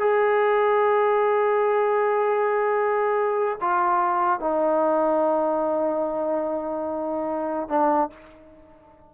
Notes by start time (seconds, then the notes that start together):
0.00 G#4
3.61 F4
4.40 D#4
7.69 D4